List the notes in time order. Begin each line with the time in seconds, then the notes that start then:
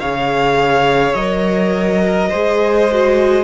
0.00 C#3 G#4 C#5 F5
1.14 F#3 A#4 D#5
2.06 A#4
2.29 G#3 G#4 C5
2.92 F#4